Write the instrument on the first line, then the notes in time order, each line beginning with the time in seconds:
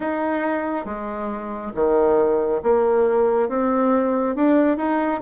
bassoon
0.00 D#4
0.85 G#3
1.74 D#3
2.62 A#3
3.48 C4
4.35 D4
4.77 D#4